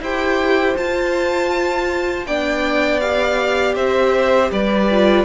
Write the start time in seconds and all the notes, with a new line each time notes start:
0.00 E4 G4 C5 G5
0.76 F4 A5
2.26 B3 D4 D5 G5
3.00 G4 F5
3.75 C4 C5 E5
4.51 G3 B4 D5
4.90 F4